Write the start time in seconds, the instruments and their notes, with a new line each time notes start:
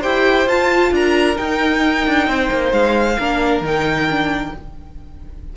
0.00 cello E4, viola G4, violin C5 G5
0.47 cello F4, viola F4, violin A5
0.91 cello D4, violin A#4 A#5
1.35 viola D#4, cello D#4, violin G5
2.06 cello D4
2.27 cello C4, violin C5
2.51 cello A#3
2.72 cello G#3, violin F5
3.18 cello A#3, viola D4, violin A#4
3.61 cello D#3, viola D#4, violin G5
4.09 viola D4